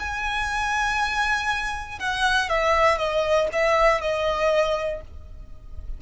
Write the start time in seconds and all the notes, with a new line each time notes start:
0.00 G#5
2.00 F#5
2.50 E5
2.98 D#5
3.53 E5
4.02 D#5